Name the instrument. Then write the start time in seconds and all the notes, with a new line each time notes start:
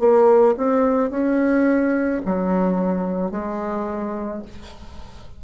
bassoon
0.00 A#3
0.58 C4
1.11 C#4
2.26 F#3
3.31 G#3